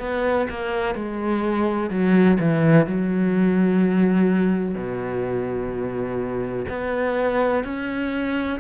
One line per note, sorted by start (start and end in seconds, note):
0.00 0.48 B3
0.50 0.95 A#3
0.95 1.90 G#3
1.90 2.38 F#3
2.40 2.87 E3
2.87 4.75 F#3
4.75 6.66 B2
6.69 7.64 B3
7.64 8.59 C#4